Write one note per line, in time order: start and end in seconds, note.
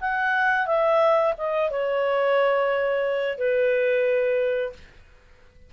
0.00 0.66 F#5
0.66 1.34 E5
1.38 1.70 D#5
1.70 3.38 C#5
3.38 4.73 B4